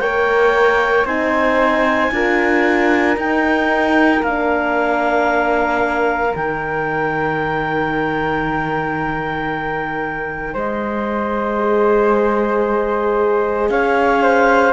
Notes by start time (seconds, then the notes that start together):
0.00 A#3 A#4 C#5 G5
1.05 C4 D#4 C5 G#5
2.12 D4 F4 A#4
3.17 D#4 G5
4.23 A#3 D4 F5
6.33 D#3 D#4 G5
10.54 G#3 C5 D#5
11.58 G#4
13.70 C#4 C#5 F5
14.22 C5